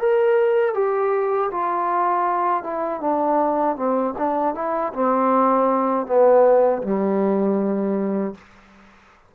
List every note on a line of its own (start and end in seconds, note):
0.00 0.75 A#4
0.75 1.51 G4
1.51 2.63 F4
2.63 3.01 E4
3.01 3.77 D4
3.77 4.15 C4
4.18 4.55 D4
4.55 4.93 E4
4.94 6.07 C4
6.07 6.83 B3
6.83 8.35 G3